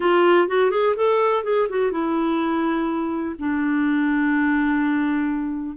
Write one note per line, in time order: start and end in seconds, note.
0.00 0.47 F4
0.48 0.71 F#4
0.71 0.95 G#4
0.96 1.43 A4
1.43 1.67 G#4
1.69 1.91 F#4
1.91 3.35 E4
3.38 5.76 D4